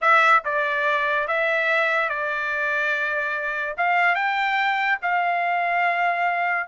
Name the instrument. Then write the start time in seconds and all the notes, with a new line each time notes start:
trumpet
0.01 E5
0.44 D5
1.27 E5
2.09 D5
3.77 F5
4.15 G5
5.02 F5